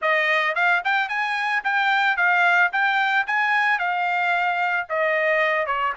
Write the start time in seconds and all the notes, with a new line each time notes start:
0.01 D#5
0.55 F5
0.84 G5
1.08 G#5
1.64 G5
2.16 F5
2.72 G5
3.27 G#5
3.78 F5
4.89 D#5
5.66 C#5